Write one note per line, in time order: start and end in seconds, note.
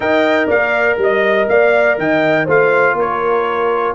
0.00 0.47 D#4
0.00 2.47 A#4
0.00 0.47 D#5
0.00 0.49 G5
0.47 0.97 A#3
0.47 0.96 D5
0.47 0.99 F5
0.97 1.47 G3
0.97 1.50 D#5
0.97 1.49 D#5
1.48 1.97 A#3
1.48 1.99 D5
1.48 1.98 F5
1.97 2.47 D#3
1.97 2.44 D#5
1.97 2.48 G5
2.44 2.93 A3
2.44 3.95 F4
2.44 2.94 C5
2.44 2.99 F5
2.93 3.92 A#3
2.93 3.95 A#4
3.00 3.95 C#5